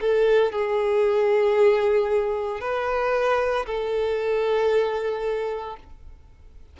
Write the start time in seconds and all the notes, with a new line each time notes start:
0.00 A4
0.52 G#4
2.60 B4
3.66 A4